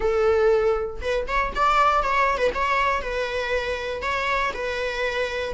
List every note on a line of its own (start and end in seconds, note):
0.00 1.01 A4
1.01 1.26 B4
1.27 1.52 C#5
1.55 2.02 D5
2.02 2.37 C#5
2.37 2.50 B4
2.54 3.01 C#5
3.01 4.02 B4
4.02 4.52 C#5
4.54 5.53 B4